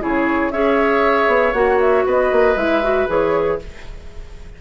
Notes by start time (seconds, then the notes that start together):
0.00 C#3 E4 G#4 C#5
0.51 C#4 G#4 C#5 E5
1.27 B3
1.53 A#3 F#4 F#5
1.80 E5
2.05 B3 B4 D#5
2.32 A#3
2.55 G#3 E4 E5
2.82 F#4
3.07 E3 G#4 C#5